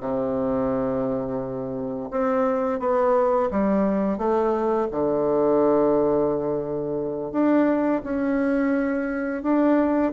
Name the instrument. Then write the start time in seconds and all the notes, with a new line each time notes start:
bassoon
0.00 C3
2.10 C4
2.79 B3
3.51 G3
4.18 A3
4.91 D3
7.32 D4
8.03 C#4
9.42 D4